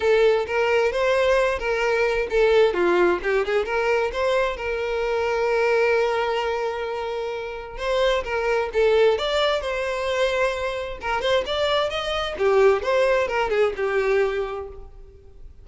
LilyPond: \new Staff \with { instrumentName = "violin" } { \time 4/4 \tempo 4 = 131 a'4 ais'4 c''4. ais'8~ | ais'4 a'4 f'4 g'8 gis'8 | ais'4 c''4 ais'2~ | ais'1~ |
ais'4 c''4 ais'4 a'4 | d''4 c''2. | ais'8 c''8 d''4 dis''4 g'4 | c''4 ais'8 gis'8 g'2 | }